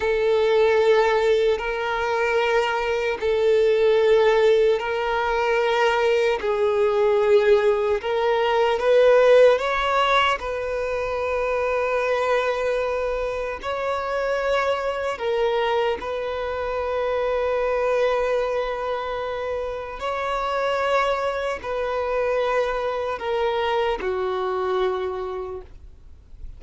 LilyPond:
\new Staff \with { instrumentName = "violin" } { \time 4/4 \tempo 4 = 75 a'2 ais'2 | a'2 ais'2 | gis'2 ais'4 b'4 | cis''4 b'2.~ |
b'4 cis''2 ais'4 | b'1~ | b'4 cis''2 b'4~ | b'4 ais'4 fis'2 | }